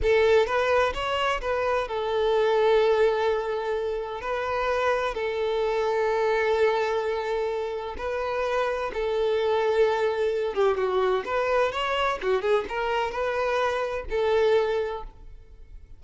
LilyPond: \new Staff \with { instrumentName = "violin" } { \time 4/4 \tempo 4 = 128 a'4 b'4 cis''4 b'4 | a'1~ | a'4 b'2 a'4~ | a'1~ |
a'4 b'2 a'4~ | a'2~ a'8 g'8 fis'4 | b'4 cis''4 fis'8 gis'8 ais'4 | b'2 a'2 | }